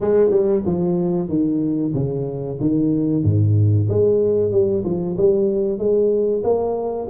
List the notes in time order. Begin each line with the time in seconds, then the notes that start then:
0.00 G#3
0.30 G3
0.65 F3
1.28 D#3
1.94 C#3
2.60 D#3
3.23 G#2
3.89 G#3
4.51 G3
4.84 F3
5.17 G3
5.78 G#3
6.43 A#3